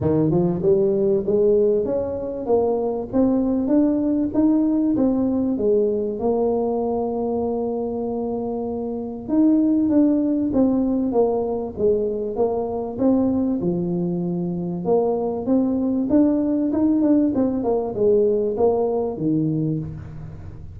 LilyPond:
\new Staff \with { instrumentName = "tuba" } { \time 4/4 \tempo 4 = 97 dis8 f8 g4 gis4 cis'4 | ais4 c'4 d'4 dis'4 | c'4 gis4 ais2~ | ais2. dis'4 |
d'4 c'4 ais4 gis4 | ais4 c'4 f2 | ais4 c'4 d'4 dis'8 d'8 | c'8 ais8 gis4 ais4 dis4 | }